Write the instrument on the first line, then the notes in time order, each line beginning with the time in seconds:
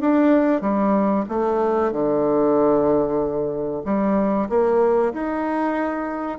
bassoon
0.00 D4
0.61 G3
1.28 A3
1.91 D3
3.84 G3
4.49 A#3
5.13 D#4